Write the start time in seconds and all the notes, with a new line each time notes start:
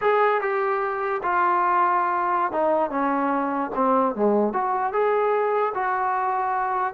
0.01 G#4
0.41 G4
1.22 F4
2.52 D#4
2.90 C#4
3.75 C4
4.15 G#3
4.53 F#4
4.92 G#4
5.74 F#4